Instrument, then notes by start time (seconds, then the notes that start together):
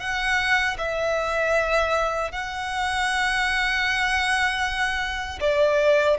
violin
0.00 F#5
0.78 E5
2.31 F#5
5.40 D5